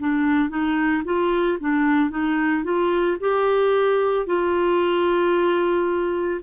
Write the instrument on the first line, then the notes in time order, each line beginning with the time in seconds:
clarinet
0.00 D4
0.50 D#4
1.05 F4
1.61 D4
2.10 D#4
2.64 F4
3.20 G4
4.27 F4